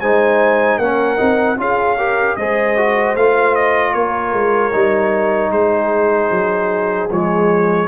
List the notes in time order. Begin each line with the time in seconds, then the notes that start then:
0.00 G#3 D#4 C5 G#5
0.78 A#3 C#4 A#4 F#5
1.17 C4 D#4
1.57 C#4 F4 G#4 F5
1.97 G4 A#4
2.36 G#3 G#4 C5 D#5
2.77 F#4
3.15 A3 F4 F5
3.55 D#5
3.93 A#3 A#4 C#5
4.33 G#3
4.72 G3 D#4
5.50 G#3 G#4 C5
6.31 F#3
7.11 F3 G#3 C#5